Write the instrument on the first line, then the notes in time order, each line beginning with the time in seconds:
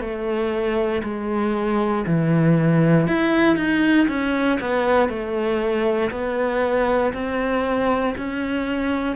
cello
0.00 A3
1.03 G#3
2.06 E3
3.07 E4
3.56 D#4
4.08 C#4
4.60 B3
5.09 A3
6.11 B3
7.13 C4
8.17 C#4